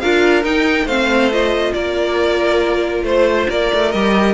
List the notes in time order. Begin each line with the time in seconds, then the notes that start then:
0.00 D4 F4 A#4 F5
0.43 D#4 G5
0.86 A3 C4 C5 F5
1.32 F4 D#5
1.73 A#3 A#4 D5
3.03 A3 C5
3.50 A#3 A#4 D5
3.73 A3
3.92 G3 G4 D#5